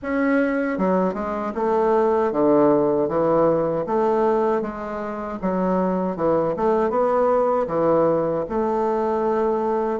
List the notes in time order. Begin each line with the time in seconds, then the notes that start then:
0.02 C#4
0.78 F#3
1.14 G#3
1.55 A3
2.31 D3
3.08 E3
3.86 A3
4.62 G#3
5.41 F#3
6.16 E3
6.56 A3
6.90 B3
7.67 E3
8.49 A3